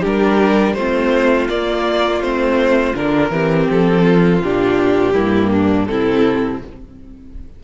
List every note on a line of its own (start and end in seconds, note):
0.00 0.75 G3
0.00 0.76 D4
0.00 0.73 G4
0.00 0.74 A#4
0.74 1.48 A3
0.74 1.49 C4
0.74 3.31 F4
0.74 1.47 C5
1.48 2.20 A#3
1.48 2.22 A#3
1.48 2.22 D5
2.20 2.94 A3
2.20 2.94 C4
2.20 2.95 C5
2.94 3.30 D3
2.94 3.31 D4
2.94 3.69 A#4
3.30 3.66 E3
3.30 4.41 C4
3.30 4.04 G4
3.70 4.41 F3
3.70 4.43 A4
4.04 5.13 F4
4.41 5.14 A#2
4.41 5.14 D4
4.41 5.85 G4
5.13 5.87 G2
5.13 5.87 A#3
5.13 5.50 E4
5.52 5.88 D4
5.85 6.61 C3
5.85 6.62 C4
5.85 6.64 E4
5.85 6.58 A4